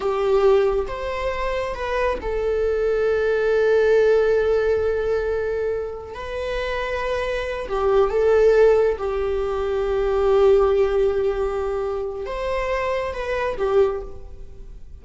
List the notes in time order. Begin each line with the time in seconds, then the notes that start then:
0.00 G4
0.87 C5
1.74 B4
2.21 A4
6.14 B4
7.68 G4
8.10 A4
8.98 G4
12.26 C5
13.13 B4
13.57 G4